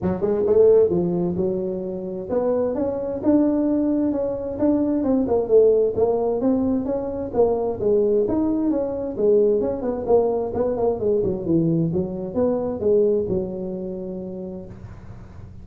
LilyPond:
\new Staff \with { instrumentName = "tuba" } { \time 4/4 \tempo 4 = 131 fis8 gis8 a4 f4 fis4~ | fis4 b4 cis'4 d'4~ | d'4 cis'4 d'4 c'8 ais8 | a4 ais4 c'4 cis'4 |
ais4 gis4 dis'4 cis'4 | gis4 cis'8 b8 ais4 b8 ais8 | gis8 fis8 e4 fis4 b4 | gis4 fis2. | }